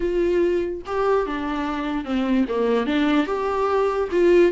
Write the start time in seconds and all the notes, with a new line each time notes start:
0.00 F4
0.86 G4
1.26 D4
2.04 C4
2.48 A#3
2.86 D4
3.26 G4
4.11 F4